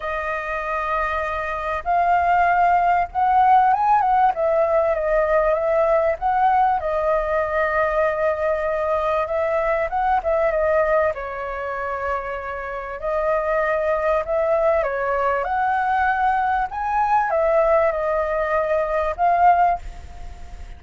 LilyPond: \new Staff \with { instrumentName = "flute" } { \time 4/4 \tempo 4 = 97 dis''2. f''4~ | f''4 fis''4 gis''8 fis''8 e''4 | dis''4 e''4 fis''4 dis''4~ | dis''2. e''4 |
fis''8 e''8 dis''4 cis''2~ | cis''4 dis''2 e''4 | cis''4 fis''2 gis''4 | e''4 dis''2 f''4 | }